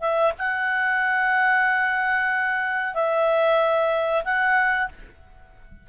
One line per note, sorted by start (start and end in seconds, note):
0.00 0.32 E5
0.38 2.94 F#5
2.94 4.23 E5
4.24 4.89 F#5